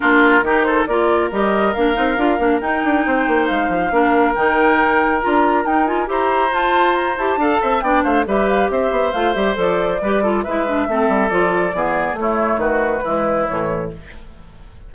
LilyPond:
<<
  \new Staff \with { instrumentName = "flute" } { \time 4/4 \tempo 4 = 138 ais'4. c''8 d''4 dis''4 | f''2 g''2 | f''2 g''2 | ais''4 g''8 gis''8 ais''4 a''4 |
ais''8 a''4. g''8 f''8 e''8 f''8 | e''4 f''8 e''8 d''2 | e''2 d''2 | cis''4 b'2 cis''4 | }
  \new Staff \with { instrumentName = "oboe" } { \time 4/4 f'4 g'8 a'8 ais'2~ | ais'2. c''4~ | c''4 ais'2.~ | ais'2 c''2~ |
c''4 f''8 e''8 d''8 c''8 b'4 | c''2. b'8 a'8 | b'4 a'2 gis'4 | e'4 fis'4 e'2 | }
  \new Staff \with { instrumentName = "clarinet" } { \time 4/4 d'4 dis'4 f'4 g'4 | d'8 dis'8 f'8 d'8 dis'2~ | dis'4 d'4 dis'2 | f'4 dis'8 f'8 g'4 f'4~ |
f'8 g'8 a'4 d'4 g'4~ | g'4 f'8 g'8 a'4 g'8 f'8 | e'8 d'8 c'4 f'4 b4 | a2 gis4 e4 | }
  \new Staff \with { instrumentName = "bassoon" } { \time 4/4 ais4 dis4 ais4 g4 | ais8 c'8 d'8 ais8 dis'8 d'8 c'8 ais8 | gis8 f8 ais4 dis2 | d'4 dis'4 e'4 f'4~ |
f'8 e'8 d'8 c'8 b8 a8 g4 | c'8 b8 a8 g8 f4 g4 | gis4 a8 g8 f4 e4 | a4 dis4 e4 a,4 | }
>>